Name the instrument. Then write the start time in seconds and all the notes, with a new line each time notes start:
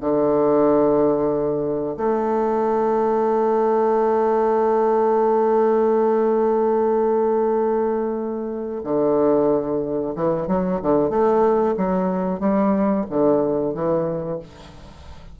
bassoon
0.00 D3
1.97 A3
8.84 D3
10.15 E3
10.47 F#3
10.82 D3
11.09 A3
11.77 F#3
12.40 G3
13.09 D3
13.74 E3